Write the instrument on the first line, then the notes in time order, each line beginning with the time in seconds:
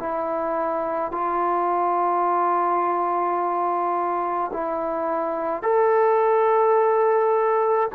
trombone
0.00 E4
1.12 F4
4.53 E4
5.63 A4